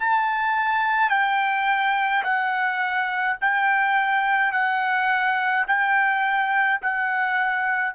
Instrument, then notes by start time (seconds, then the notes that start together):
trumpet
0.00 A5
1.10 G5
2.23 F#5
3.41 G5
4.52 F#5
5.67 G5
6.82 F#5